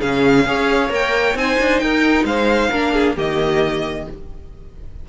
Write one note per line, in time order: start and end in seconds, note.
0.00 0.46 C#3
0.00 0.46 C#4
0.00 0.45 G#4
0.00 0.91 F5
0.46 0.90 C#4
0.46 0.89 G#4
0.46 1.39 C#5
0.89 1.35 A#3
0.89 1.34 A#4
0.89 1.38 G5
1.35 1.57 C4
1.35 2.72 D#4
1.35 1.83 C5
1.35 1.79 G#5
1.59 1.82 D4
1.79 2.24 D#4
1.79 2.27 A#4
1.79 2.24 G5
2.24 2.69 G#3
2.24 2.70 C5
2.24 3.16 F5
2.70 3.17 A#3
2.70 3.16 D4
2.70 2.93 A#4
2.93 3.16 G#4
3.16 4.07 D#3
3.16 4.06 A#3
3.16 4.06 G4
3.16 4.09 D#5